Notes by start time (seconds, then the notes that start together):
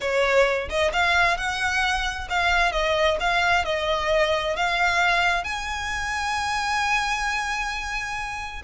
0.00 C#5
0.69 D#5
0.92 F5
1.37 F#5
2.29 F5
2.72 D#5
3.20 F5
3.65 D#5
4.56 F5
5.44 G#5